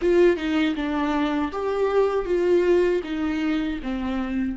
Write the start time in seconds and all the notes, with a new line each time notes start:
0.01 F4
0.36 D#4
0.75 D4
1.52 G4
2.25 F4
3.03 D#4
3.83 C4